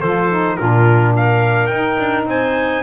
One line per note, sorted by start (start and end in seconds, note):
0.00 0.58 F3
0.00 0.30 F4
0.00 0.56 A4
0.00 0.57 C5
0.30 0.58 D#4
0.57 1.69 A#2
0.57 1.70 D4
0.57 1.15 F4
0.57 1.13 A#4
1.16 2.28 A#4
1.16 1.66 F5
1.66 1.97 D#4
1.66 2.83 D#4
1.66 2.23 G5
1.99 2.25 D4
2.25 2.82 C4
2.25 2.83 C5
2.25 2.83 G#5